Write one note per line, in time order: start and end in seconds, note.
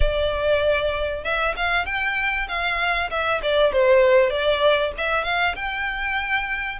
0.00 1.24 D5
1.24 1.55 E5
1.56 1.85 F5
1.85 2.47 G5
2.48 3.10 F5
3.10 3.41 E5
3.42 3.72 D5
3.72 4.30 C5
4.30 4.92 D5
4.97 5.24 E5
5.24 5.55 F5
5.55 6.79 G5